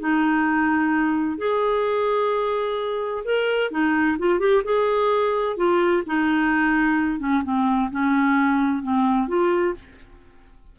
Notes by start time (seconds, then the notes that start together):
0.00 D#4
1.38 G#4
3.25 A#4
3.71 D#4
4.19 F4
4.40 G4
4.64 G#4
5.57 F4
6.06 D#4
7.20 C#4
7.44 C4
7.91 C#4
8.83 C4
9.28 F4